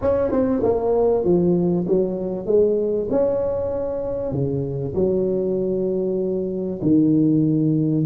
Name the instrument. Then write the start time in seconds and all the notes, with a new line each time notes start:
tuba
0.01 C#4
0.31 C4
0.63 A#3
1.24 F3
1.87 F#3
2.46 G#3
3.10 C#4
4.32 C#3
4.94 F#3
6.82 D#3